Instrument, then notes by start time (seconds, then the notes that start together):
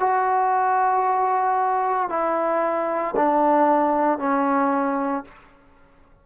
trombone
0.00 F#4
2.10 E4
3.17 D4
4.19 C#4